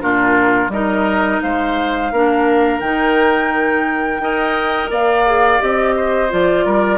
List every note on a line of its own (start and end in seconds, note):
0.00 0.68 A#2
0.00 0.70 D4
0.00 0.72 F4
0.00 0.70 A#4
0.68 1.38 G3
0.68 2.12 D#4
0.68 1.43 A#4
0.68 1.41 D#5
1.42 2.11 G#3
1.42 2.12 C5
1.42 2.80 F5
2.11 2.80 A#3
2.11 2.83 D4
2.11 4.22 A#4
2.80 4.19 D#3
2.80 4.21 D#4
2.80 4.89 G5
4.19 4.89 D#4
4.19 5.26 A#4
4.19 4.90 D#5
4.90 5.60 A#3
4.90 5.95 D5
4.90 5.61 F5
5.26 5.59 G#4
5.59 6.32 C4
5.59 6.29 G4
5.59 6.31 D#5
5.96 6.65 C5
6.29 6.65 F3
6.29 6.98 F4
6.29 6.98 D5
6.65 6.98 G3
6.65 6.98 A#4